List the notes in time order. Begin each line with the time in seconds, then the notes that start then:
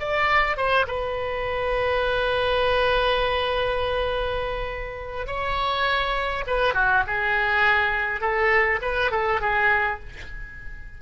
0.00 D5
0.57 C5
0.87 B4
5.27 C#5
6.47 B4
6.74 F#4
7.07 G#4
8.21 A4
8.82 B4
9.11 A4
9.41 G#4